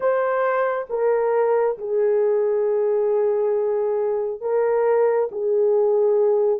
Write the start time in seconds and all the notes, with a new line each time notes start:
0.00 C5
0.89 A#4
1.78 G#4
4.40 A#4
5.31 G#4